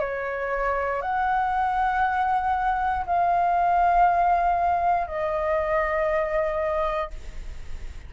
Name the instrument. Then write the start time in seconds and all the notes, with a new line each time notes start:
flute
0.00 C#5
1.01 F#5
3.06 F5
5.07 D#5